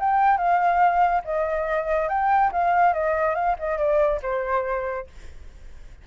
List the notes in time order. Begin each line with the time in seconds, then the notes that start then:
0.00 G5
0.38 F5
1.25 D#5
2.09 G5
2.53 F5
2.94 D#5
3.36 F5
3.59 D#5
3.78 D5
4.23 C5